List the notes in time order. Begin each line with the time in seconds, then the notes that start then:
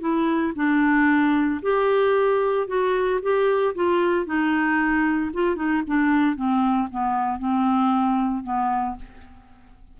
0.00 E4
0.55 D4
1.62 G4
2.67 F#4
3.22 G4
3.75 F4
4.25 D#4
5.33 F4
5.56 D#4
5.87 D4
6.35 C4
6.91 B3
7.39 C4
8.43 B3